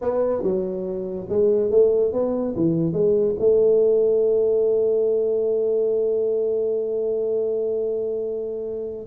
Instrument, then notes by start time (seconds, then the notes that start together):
tuba
0.01 B3
0.42 F#3
1.29 G#3
1.70 A3
2.12 B3
2.56 E3
2.93 G#3
3.39 A3